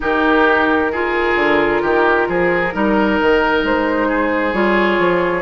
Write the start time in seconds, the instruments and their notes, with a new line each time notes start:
0.00 bassoon D#3, clarinet D#4, oboe G4, flute A#4
0.91 clarinet F4, oboe G#4
1.35 bassoon D3
1.82 bassoon D#3, oboe G4
2.28 bassoon F3, oboe G#4
2.72 bassoon G3, clarinet D#4, oboe A#4
3.20 bassoon D#3
3.63 bassoon G#3, flute C5
4.08 oboe G#4
4.53 bassoon G3, clarinet F4, flute C#5
4.98 bassoon F3